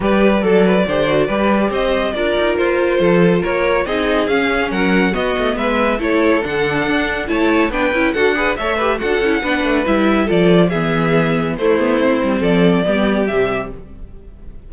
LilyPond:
<<
  \new Staff \with { instrumentName = "violin" } { \time 4/4 \tempo 4 = 140 d''1 | dis''4 d''4 c''2 | cis''4 dis''4 f''4 fis''4 | dis''4 e''4 cis''4 fis''4~ |
fis''4 a''4 g''4 fis''4 | e''4 fis''2 e''4 | d''4 e''2 c''4~ | c''4 d''2 e''4 | }
  \new Staff \with { instrumentName = "violin" } { \time 4/4 b'4 a'8 b'8 c''4 b'4 | c''4 ais'2 a'4 | ais'4 gis'2 ais'4 | fis'4 b'4 a'2~ |
a'4 cis''4 b'4 a'8 b'8 | cis''8 b'8 a'4 b'2 | a'4 gis'2 e'4~ | e'4 a'4 g'2 | }
  \new Staff \with { instrumentName = "viola" } { \time 4/4 g'4 a'4 g'8 fis'8 g'4~ | g'4 f'2.~ | f'4 dis'4 cis'2 | b2 e'4 d'4~ |
d'4 e'4 d'8 e'8 fis'8 gis'8 | a'8 g'8 fis'8 e'8 d'4 e'4 | f'4 b2 a8 b8 | c'2 b4 g4 | }
  \new Staff \with { instrumentName = "cello" } { \time 4/4 g4 fis4 d4 g4 | c'4 d'8 dis'8 f'4 f4 | ais4 c'4 cis'4 fis4 | b8 a8 gis4 a4 d4 |
d'4 a4 b8 cis'8 d'4 | a4 d'8 cis'8 b8 a8 g4 | f4 e2 a4~ | a8 g8 f4 g4 c4 | }
>>